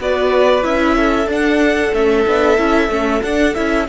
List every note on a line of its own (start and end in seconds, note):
0.00 0.65 B3
0.00 0.62 F#4
0.00 0.96 B4
0.00 0.64 D5
0.62 1.27 C#4
0.62 1.27 E4
0.62 1.28 E5
0.96 3.87 A4
1.27 1.91 D4
1.27 1.93 D4
1.27 1.94 F#5
1.94 2.26 A3
1.94 2.27 C#4
1.94 3.23 E5
2.27 2.58 B3
2.27 2.58 D4
2.58 2.89 C#4
2.58 2.90 E4
2.89 3.21 A3
2.89 3.22 C#4
3.22 3.54 D4
3.22 3.55 D4
3.22 3.54 F#5
3.54 3.89 C#4
3.54 3.87 E4
3.54 3.87 E5